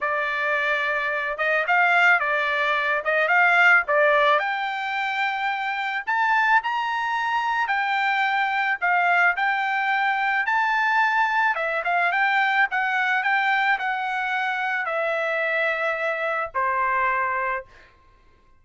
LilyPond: \new Staff \with { instrumentName = "trumpet" } { \time 4/4 \tempo 4 = 109 d''2~ d''8 dis''8 f''4 | d''4. dis''8 f''4 d''4 | g''2. a''4 | ais''2 g''2 |
f''4 g''2 a''4~ | a''4 e''8 f''8 g''4 fis''4 | g''4 fis''2 e''4~ | e''2 c''2 | }